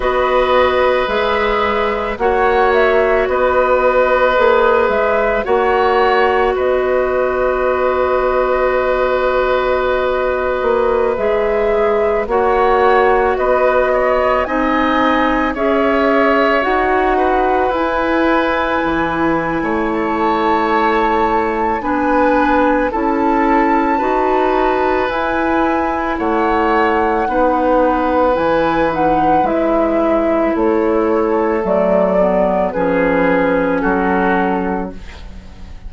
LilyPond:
<<
  \new Staff \with { instrumentName = "flute" } { \time 4/4 \tempo 4 = 55 dis''4 e''4 fis''8 e''8 dis''4~ | dis''8 e''8 fis''4 dis''2~ | dis''2~ dis''16 e''4 fis''8.~ | fis''16 dis''4 gis''4 e''4 fis''8.~ |
fis''16 gis''2 a''4.~ a''16 | gis''4 a''2 gis''4 | fis''2 gis''8 fis''8 e''4 | cis''4 d''4 b'4 a'4 | }
  \new Staff \with { instrumentName = "oboe" } { \time 4/4 b'2 cis''4 b'4~ | b'4 cis''4 b'2~ | b'2.~ b'16 cis''8.~ | cis''16 b'8 cis''8 dis''4 cis''4. b'16~ |
b'2 cis''2 | b'4 a'4 b'2 | cis''4 b'2. | a'2 gis'4 fis'4 | }
  \new Staff \with { instrumentName = "clarinet" } { \time 4/4 fis'4 gis'4 fis'2 | gis'4 fis'2.~ | fis'2~ fis'16 gis'4 fis'8.~ | fis'4~ fis'16 dis'4 gis'4 fis'8.~ |
fis'16 e'2.~ e'8. | d'4 e'4 fis'4 e'4~ | e'4 dis'4 e'8 dis'8 e'4~ | e'4 a8 b8 cis'2 | }
  \new Staff \with { instrumentName = "bassoon" } { \time 4/4 b4 gis4 ais4 b4 | ais8 gis8 ais4 b2~ | b4.~ b16 ais8 gis4 ais8.~ | ais16 b4 c'4 cis'4 dis'8.~ |
dis'16 e'4 e8. a2 | b4 cis'4 dis'4 e'4 | a4 b4 e4 gis4 | a4 fis4 f4 fis4 | }
>>